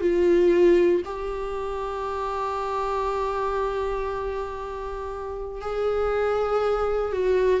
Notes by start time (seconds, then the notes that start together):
0.00 F4
1.04 G4
5.61 G#4
7.12 F#4